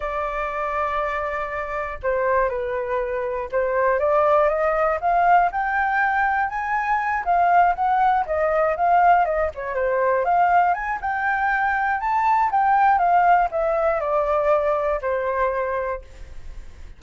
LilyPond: \new Staff \with { instrumentName = "flute" } { \time 4/4 \tempo 4 = 120 d''1 | c''4 b'2 c''4 | d''4 dis''4 f''4 g''4~ | g''4 gis''4. f''4 fis''8~ |
fis''8 dis''4 f''4 dis''8 cis''8 c''8~ | c''8 f''4 gis''8 g''2 | a''4 g''4 f''4 e''4 | d''2 c''2 | }